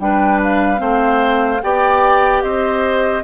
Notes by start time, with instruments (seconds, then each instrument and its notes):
0.00 bassoon G3, clarinet D4, oboe B4, flute G5
0.43 flute F5
0.77 bassoon A3, clarinet C4, oboe C5
1.62 bassoon B3, clarinet G4, oboe D5, flute G5
2.42 bassoon C4, oboe C5, flute D#5